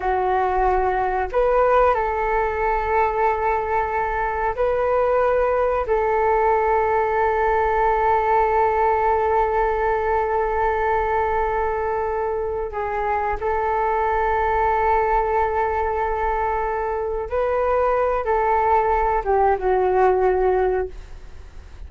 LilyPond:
\new Staff \with { instrumentName = "flute" } { \time 4/4 \tempo 4 = 92 fis'2 b'4 a'4~ | a'2. b'4~ | b'4 a'2.~ | a'1~ |
a'2.~ a'8 gis'8~ | gis'8 a'2.~ a'8~ | a'2~ a'8 b'4. | a'4. g'8 fis'2 | }